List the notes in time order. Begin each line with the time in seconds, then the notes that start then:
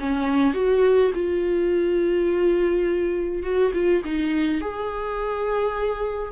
0.00 C#4
0.54 F#4
1.14 F4
3.43 F#4
3.74 F4
4.05 D#4
4.61 G#4